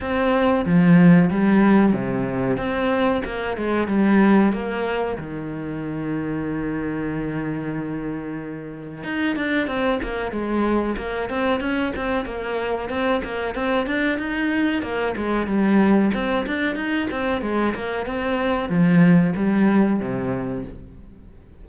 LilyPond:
\new Staff \with { instrumentName = "cello" } { \time 4/4 \tempo 4 = 93 c'4 f4 g4 c4 | c'4 ais8 gis8 g4 ais4 | dis1~ | dis2 dis'8 d'8 c'8 ais8 |
gis4 ais8 c'8 cis'8 c'8 ais4 | c'8 ais8 c'8 d'8 dis'4 ais8 gis8 | g4 c'8 d'8 dis'8 c'8 gis8 ais8 | c'4 f4 g4 c4 | }